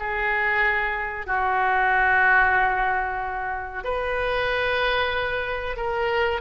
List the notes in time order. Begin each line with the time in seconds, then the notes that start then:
0.00 G#4
1.27 F#4
3.84 B4
5.77 A#4